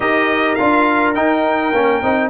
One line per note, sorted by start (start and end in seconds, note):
0.00 0.56 D#4
0.00 0.58 G4
0.00 2.30 A#4
0.00 0.55 D#5
0.55 1.17 D4
0.55 1.15 F4
0.55 1.12 F5
1.15 1.73 D#4
1.15 1.72 D#4
1.15 2.30 G5
1.72 2.01 A#3
1.72 2.03 C#4
2.02 2.30 C4
2.02 2.30 D#4